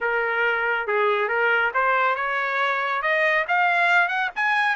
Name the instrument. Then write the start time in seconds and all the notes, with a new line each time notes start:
trumpet
0.00 A#4
0.87 G#4
1.28 A#4
1.74 C5
2.15 C#5
3.02 D#5
3.47 F5
4.08 F#5
4.35 G#5